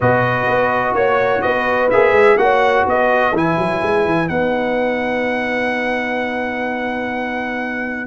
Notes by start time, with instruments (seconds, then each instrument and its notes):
0.00 tuba B2, trombone F#4, horn B4, trumpet D#5
0.46 tuba B3
0.93 tuba A#3, trumpet C#5, horn C#5
1.41 tuba B3, horn B4, trumpet D#5
1.90 tuba A#3, trombone G#4, trumpet E5
2.12 tuba G#3
2.37 tuba A#3, trombone F#4, horn C#5, trumpet F#5
2.86 tuba B3, horn B4, trumpet D#5
3.33 tuba E3, trombone E4, trumpet G#5
3.57 tuba F#3
3.82 tuba G#3
4.05 tuba E3
4.26 tuba B3, trombone D#4, trumpet F#5